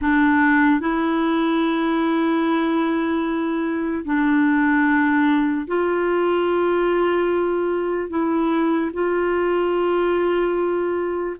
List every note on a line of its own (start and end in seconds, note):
0.01 0.80 D4
0.80 4.04 E4
4.04 5.66 D4
5.67 8.09 F4
8.09 8.90 E4
8.93 11.36 F4